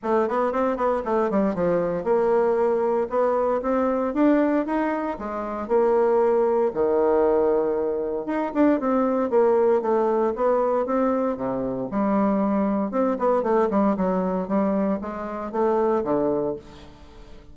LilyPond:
\new Staff \with { instrumentName = "bassoon" } { \time 4/4 \tempo 4 = 116 a8 b8 c'8 b8 a8 g8 f4 | ais2 b4 c'4 | d'4 dis'4 gis4 ais4~ | ais4 dis2. |
dis'8 d'8 c'4 ais4 a4 | b4 c'4 c4 g4~ | g4 c'8 b8 a8 g8 fis4 | g4 gis4 a4 d4 | }